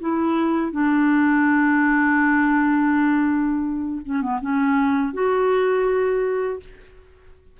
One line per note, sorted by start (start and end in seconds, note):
0.00 0.72 E4
0.72 4.01 D4
4.05 4.22 C#4
4.22 4.40 B3
4.41 5.14 C#4
5.14 6.60 F#4